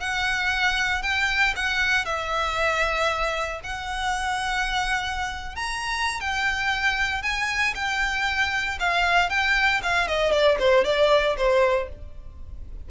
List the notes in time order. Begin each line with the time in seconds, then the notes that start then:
0.00 F#5
1.03 G5
1.56 F#5
2.05 E5
3.64 F#5
5.56 A#5
6.21 G5
7.22 G#5
7.75 G5
8.80 F5
9.30 G5
9.83 F5
10.08 D#5
10.32 D5
10.59 C5
10.85 D5
11.37 C5